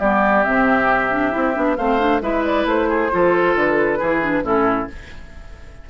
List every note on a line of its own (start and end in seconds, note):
0.00 0.45 G3
0.00 0.45 B3
0.00 1.78 G4
0.00 0.44 D5
0.44 1.36 C3
0.44 1.11 C4
0.44 1.76 E5
1.11 1.31 D4
1.31 1.57 C4
1.31 1.54 E4
1.54 1.78 B3
1.54 1.76 D4
1.76 2.22 A3
1.76 1.99 C4
1.76 2.22 C5
1.76 2.21 F5
1.99 2.21 D4
2.22 2.65 G#3
2.22 3.11 E4
2.22 2.89 B4
2.22 2.44 E5
2.45 2.67 D5
2.65 3.10 A3
2.65 3.57 C5
2.89 3.11 G#4
3.11 3.55 F3
3.11 3.99 F4
3.11 3.99 A4
3.55 4.00 D3
3.55 4.45 B4
3.99 4.43 E3
3.99 4.21 E4
3.99 4.44 G#4
4.22 4.44 D4
4.43 4.88 A2
4.43 4.88 C#4
4.43 4.89 E4
4.43 4.90 A4